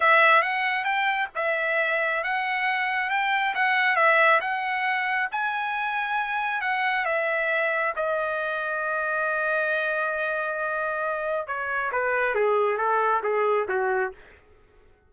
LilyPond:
\new Staff \with { instrumentName = "trumpet" } { \time 4/4 \tempo 4 = 136 e''4 fis''4 g''4 e''4~ | e''4 fis''2 g''4 | fis''4 e''4 fis''2 | gis''2. fis''4 |
e''2 dis''2~ | dis''1~ | dis''2 cis''4 b'4 | gis'4 a'4 gis'4 fis'4 | }